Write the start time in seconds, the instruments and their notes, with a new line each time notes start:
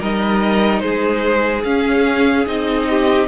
0.00 cello G3, viola D#4, violin A#4 D#5
0.80 cello G#3, violin G#4 C5
1.64 cello C#4, viola C#4, violin F5
2.47 cello C4, viola D#4, violin D#5
2.89 violin G4